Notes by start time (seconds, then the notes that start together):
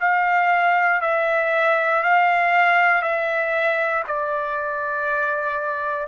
0.00 F5
1.02 E5
2.03 F5
3.02 E5
4.08 D5